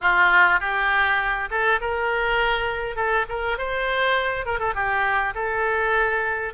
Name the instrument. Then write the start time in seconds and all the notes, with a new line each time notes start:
oboe
0.01 F4
0.60 G4
1.50 A4
1.80 A#4
2.96 A4
3.28 A#4
3.58 C5
4.45 A#4
4.59 A4
4.74 G4
5.35 A4